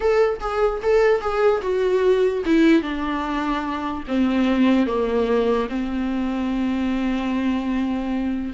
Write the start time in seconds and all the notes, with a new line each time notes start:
0.00 A4
0.40 G#4
0.82 A4
1.21 G#4
1.61 F#4
2.45 E4
2.82 D4
4.07 C4
4.86 A#3
5.69 C4